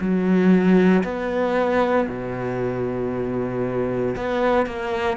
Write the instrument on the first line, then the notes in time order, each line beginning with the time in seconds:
cello
0.00 F#3
1.03 B3
2.08 B2
4.16 B3
4.66 A#3